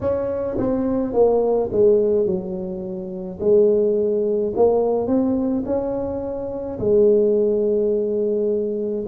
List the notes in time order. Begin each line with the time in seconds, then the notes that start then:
0.00 C#4
0.58 C4
1.13 A#3
1.72 G#3
2.25 F#3
3.40 G#3
4.55 A#3
5.06 C4
5.66 C#4
6.79 G#3